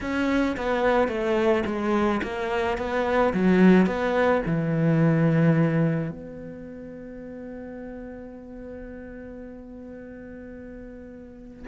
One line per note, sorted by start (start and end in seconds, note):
0.01 0.56 C#4
0.56 1.08 B3
1.08 1.63 A3
1.65 2.21 G#3
2.22 2.77 A#3
2.77 3.33 B3
3.33 3.86 F#3
3.86 4.42 B3
4.45 6.10 E3
6.10 11.66 B3